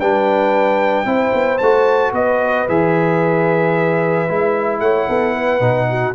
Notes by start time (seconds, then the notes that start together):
0.00 G3 D4 B4 G5
1.06 C4 E4 C5
1.34 B3
1.59 A3 F#4 A5
2.13 B3 B4 D#5
2.69 E3 G#4 E5
4.29 G#3 E4
4.80 A3 C#5 F#5
5.09 B3 A4
5.35 B4
5.60 B2 D#4
5.89 F#4